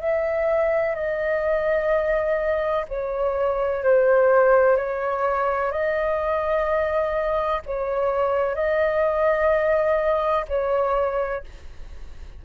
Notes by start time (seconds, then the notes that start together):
0.00 E5
0.95 D#5
2.88 C#5
3.83 C5
4.76 C#5
5.71 D#5
7.66 C#5
8.55 D#5
10.48 C#5